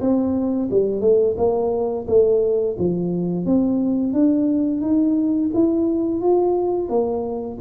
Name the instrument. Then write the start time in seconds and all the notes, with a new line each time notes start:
tuba
0.00 C4
0.71 G3
1.00 A3
1.37 A#3
2.07 A3
2.78 F3
3.45 C4
4.13 D4
4.81 D#4
5.54 E4
6.21 F4
6.89 A#3